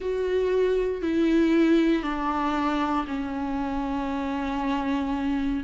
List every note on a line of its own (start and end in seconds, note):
0.00 1.02 F#4
1.02 2.03 E4
2.03 3.05 D4
3.07 5.63 C#4